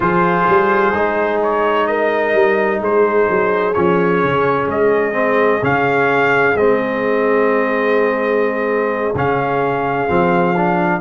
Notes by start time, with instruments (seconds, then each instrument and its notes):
0.00 tuba F3, trombone F4, horn G#4, trumpet C5
0.48 tuba G3
0.92 tuba G#3, trombone D#4
1.42 trumpet C#5
1.86 horn A#4, trumpet D#5
2.33 tuba G3
2.80 tuba G#3, horn G#4, trumpet C5
3.29 tuba F#3
3.73 tuba F3, trombone C#4, trumpet C#5
4.23 tuba C#3
4.67 tuba G#3, trumpet D#5
5.12 trombone C4
5.62 tuba C#3, trombone C#4, trumpet F5
6.55 tuba G#3, trombone C4, trumpet D#5
9.14 tuba C#3, trombone C#4, trumpet F5
10.07 tuba F3, trombone C4
10.56 trombone D4